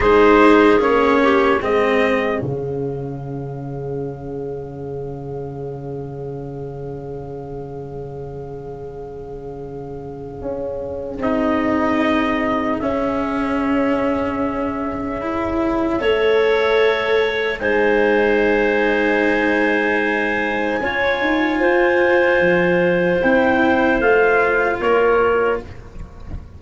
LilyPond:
<<
  \new Staff \with { instrumentName = "trumpet" } { \time 4/4 \tempo 4 = 75 c''4 cis''4 dis''4 f''4~ | f''1~ | f''1~ | f''2 dis''2 |
e''1~ | e''2 gis''2~ | gis''1~ | gis''4 g''4 f''4 cis''4 | }
  \new Staff \with { instrumentName = "clarinet" } { \time 4/4 gis'4. g'8 gis'2~ | gis'1~ | gis'1~ | gis'1~ |
gis'1 | cis''2 c''2~ | c''2 cis''4 c''4~ | c''2. ais'4 | }
  \new Staff \with { instrumentName = "cello" } { \time 4/4 dis'4 cis'4 c'4 cis'4~ | cis'1~ | cis'1~ | cis'2 dis'2 |
cis'2. e'4 | a'2 dis'2~ | dis'2 f'2~ | f'4 e'4 f'2 | }
  \new Staff \with { instrumentName = "tuba" } { \time 4/4 gis4 ais4 gis4 cis4~ | cis1~ | cis1~ | cis4 cis'4 c'2 |
cis'1 | a2 gis2~ | gis2 cis'8 dis'8 f'4 | f4 c'4 a4 ais4 | }
>>